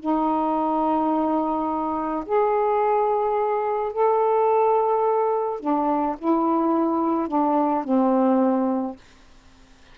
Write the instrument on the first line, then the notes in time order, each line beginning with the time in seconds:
saxophone
0.00 D#4
2.25 G#4
3.92 A4
5.60 D4
6.18 E4
7.28 D4
7.84 C4